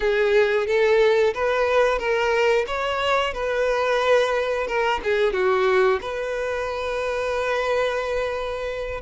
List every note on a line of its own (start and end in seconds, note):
0.00 0.67 G#4
0.67 1.33 A4
1.34 1.98 B4
1.98 2.65 A#4
2.67 3.33 C#5
3.33 4.67 B4
4.67 5.00 A#4
5.03 5.32 G#4
5.32 5.99 F#4
6.01 9.01 B4